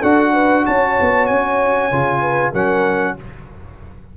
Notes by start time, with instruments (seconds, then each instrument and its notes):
0.00 tuba D4, trombone F#4, horn A4, trumpet F#5
0.33 horn B4
0.66 tuba C#4, horn C#5, trumpet A5
1.01 tuba B3
1.26 tuba C#4, trumpet G#5
1.92 tuba C#3, trombone F4
2.21 horn B4
2.52 tuba F#3, trombone C#4, horn A#4, trumpet F#5